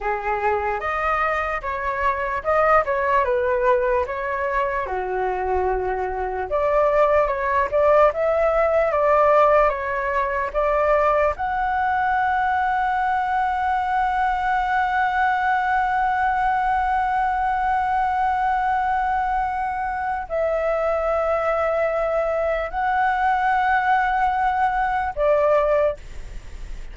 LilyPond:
\new Staff \with { instrumentName = "flute" } { \time 4/4 \tempo 4 = 74 gis'4 dis''4 cis''4 dis''8 cis''8 | b'4 cis''4 fis'2 | d''4 cis''8 d''8 e''4 d''4 | cis''4 d''4 fis''2~ |
fis''1~ | fis''1~ | fis''4 e''2. | fis''2. d''4 | }